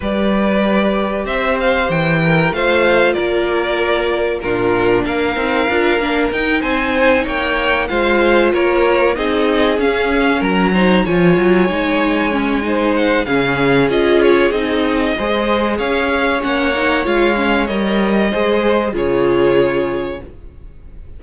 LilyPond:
<<
  \new Staff \with { instrumentName = "violin" } { \time 4/4 \tempo 4 = 95 d''2 e''8 f''8 g''4 | f''4 d''2 ais'4 | f''2 g''8 gis''4 g''8~ | g''8 f''4 cis''4 dis''4 f''8~ |
f''8 ais''4 gis''2~ gis''8~ | gis''8 fis''8 f''4 dis''8 cis''8 dis''4~ | dis''4 f''4 fis''4 f''4 | dis''2 cis''2 | }
  \new Staff \with { instrumentName = "violin" } { \time 4/4 b'2 c''4. ais'8 | c''4 ais'2 f'4 | ais'2~ ais'8 c''4 cis''8~ | cis''8 c''4 ais'4 gis'4.~ |
gis'8 ais'8 c''8 cis''2~ cis''8 | c''4 gis'2. | c''4 cis''2.~ | cis''4 c''4 gis'2 | }
  \new Staff \with { instrumentName = "viola" } { \time 4/4 g'1 | f'2. d'4~ | d'8 dis'8 f'8 d'8 dis'2~ | dis'8 f'2 dis'4 cis'8~ |
cis'4 dis'8 f'4 dis'4 cis'8 | dis'4 cis'4 f'4 dis'4 | gis'2 cis'8 dis'8 f'8 cis'8 | ais'4 gis'4 f'2 | }
  \new Staff \with { instrumentName = "cello" } { \time 4/4 g2 c'4 e4 | a4 ais2 ais,4 | ais8 c'8 d'8 ais8 dis'8 c'4 ais8~ | ais8 gis4 ais4 c'4 cis'8~ |
cis'8 fis4 f8 fis8 gis4.~ | gis4 cis4 cis'4 c'4 | gis4 cis'4 ais4 gis4 | g4 gis4 cis2 | }
>>